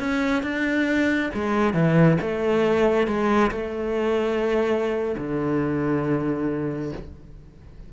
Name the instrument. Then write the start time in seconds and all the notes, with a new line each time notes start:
cello
0.00 C#4
0.43 D4
1.34 G#3
1.74 E3
2.22 A3
3.08 G#3
3.52 A3
5.18 D3